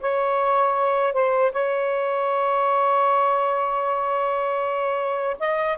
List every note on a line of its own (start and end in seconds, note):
0.00 1.13 C#5
1.13 1.51 C5
1.52 5.36 C#5
5.40 5.78 D#5